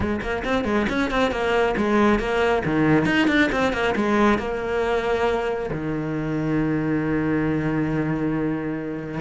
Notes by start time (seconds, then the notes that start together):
0.00 G#3
0.21 A#3
0.44 C4
0.64 G#3
0.89 C#4
1.10 C4
1.31 A#3
1.77 G#3
2.19 A#3
2.65 D#3
3.05 D#4
3.27 D4
3.52 C4
3.72 A#3
3.95 G#3
4.38 A#3
5.71 D#3